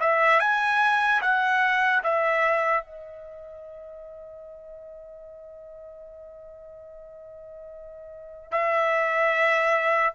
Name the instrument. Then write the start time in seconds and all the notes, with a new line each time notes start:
trumpet
0.00 E5
0.40 G#5
1.22 F#5
2.03 E5
2.84 D#5
8.51 E5